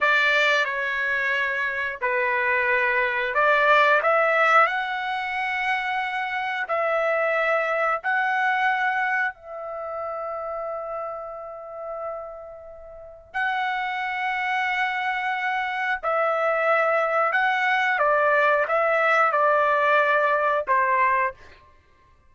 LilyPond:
\new Staff \with { instrumentName = "trumpet" } { \time 4/4 \tempo 4 = 90 d''4 cis''2 b'4~ | b'4 d''4 e''4 fis''4~ | fis''2 e''2 | fis''2 e''2~ |
e''1 | fis''1 | e''2 fis''4 d''4 | e''4 d''2 c''4 | }